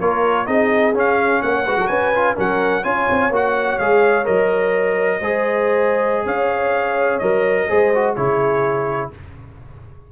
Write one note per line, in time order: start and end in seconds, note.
0.00 0.48 A#3
0.00 0.46 F4
0.00 0.47 A#4
0.00 0.47 C#5
0.46 0.94 C4
0.46 0.93 D#4
0.46 1.41 G#4
0.46 0.94 D#5
0.94 1.41 C#4
0.94 1.65 C#4
0.94 1.42 F5
1.42 1.66 A#3
1.42 1.66 C#5
1.42 1.87 F#5
1.66 1.77 G#3
1.66 2.14 F#4
1.66 1.78 B4
1.77 1.89 F#3
1.77 1.89 A#4
1.87 2.36 C#4
1.87 2.36 B4
1.87 2.34 G#5
2.15 2.35 F4
2.35 2.85 F#3
2.35 2.83 C#4
2.35 2.83 A#4
2.35 2.84 F#5
2.83 3.08 C#4
2.83 3.31 F4
2.83 5.19 C#5
2.83 3.31 G#5
3.10 3.30 C4
3.30 3.77 A#3
3.30 3.80 F#4
3.30 3.78 F#5
3.78 4.27 G#3
3.78 4.25 G#4
3.78 4.26 F5
4.25 5.21 F#3
4.25 5.19 A#4
4.25 6.27 D#5
5.20 6.26 G#3
5.20 7.22 G#4
5.20 6.25 C5
6.25 7.20 C#4
6.25 7.67 C#5
6.25 7.19 F5
7.19 7.69 F#3
7.19 7.69 A#4
7.19 8.13 D#5
7.68 8.17 G#3
7.68 7.92 G#4
7.68 8.15 C5
7.95 8.17 F#4
8.15 9.12 C#3
8.15 9.12 E4
8.15 9.10 G#4
8.15 9.10 C#5